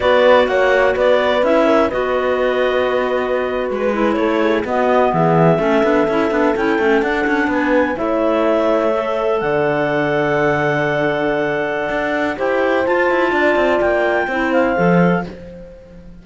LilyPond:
<<
  \new Staff \with { instrumentName = "clarinet" } { \time 4/4 \tempo 4 = 126 d''4 fis''4 d''4 e''4 | dis''2.~ dis''8. b'16~ | b'8. cis''4 dis''4 e''4~ e''16~ | e''4.~ e''16 g''4 fis''4 gis''16~ |
gis''8. e''2. fis''16~ | fis''1~ | fis''2 g''4 a''4~ | a''4 g''4. f''4. | }
  \new Staff \with { instrumentName = "horn" } { \time 4/4 b'4 cis''4 b'4. ais'8 | b'1~ | b'8. a'8 gis'8 fis'4 gis'4 a'16~ | a'2.~ a'8. b'16~ |
b'8. cis''2. d''16~ | d''1~ | d''2 c''2 | d''2 c''2 | }
  \new Staff \with { instrumentName = "clarinet" } { \time 4/4 fis'2. e'4 | fis'1~ | fis'16 e'4. b2 cis'16~ | cis'16 d'8 e'8 d'8 e'8 cis'8 d'4~ d'16~ |
d'8. e'2 a'4~ a'16~ | a'1~ | a'2 g'4 f'4~ | f'2 e'4 a'4 | }
  \new Staff \with { instrumentName = "cello" } { \time 4/4 b4 ais4 b4 cis'4 | b2.~ b8. gis16~ | gis8. a4 b4 e4 a16~ | a16 b8 cis'8 b8 cis'8 a8 d'8 cis'8 b16~ |
b8. a2. d16~ | d1~ | d4 d'4 e'4 f'8 e'8 | d'8 c'8 ais4 c'4 f4 | }
>>